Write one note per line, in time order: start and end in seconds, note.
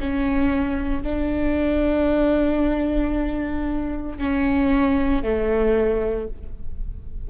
0.00 1.03 C#4
1.03 4.19 D4
4.19 5.23 C#4
5.23 6.28 A3